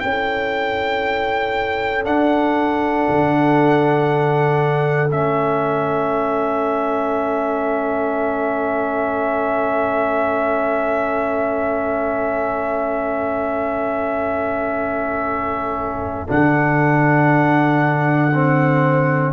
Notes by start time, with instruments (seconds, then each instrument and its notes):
0.00 tuba C#4, trombone E4, horn A4, trumpet G5
2.04 trombone D4, tuba D4, trumpet F#5
3.09 tuba D3
5.11 tuba A3, trombone C#4, trumpet E5
16.28 tuba D3, trombone D4, trumpet F#5
18.34 trombone C4